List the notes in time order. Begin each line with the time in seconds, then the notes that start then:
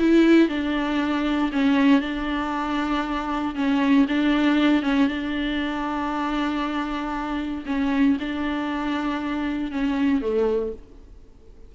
0.00 E4
0.49 D4
1.52 C#4
2.01 D4
3.55 C#4
4.09 D4
4.83 C#4
5.08 D4
7.66 C#4
8.20 D4
9.72 C#4
10.22 A3